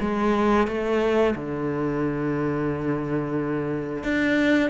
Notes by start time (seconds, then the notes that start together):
0.00 G#3
0.67 A3
1.35 D3
4.03 D4